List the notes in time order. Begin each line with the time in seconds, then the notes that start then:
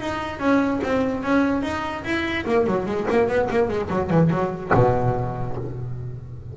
0.00 D#4
0.39 C#4
0.83 C4
1.23 C#4
1.62 D#4
2.04 E4
2.46 A#3
2.67 F#3
2.86 G#3
3.10 A#3
3.27 B3
3.50 A#3
3.68 G#3
3.90 F#3
4.10 E3
4.30 F#3
4.74 B2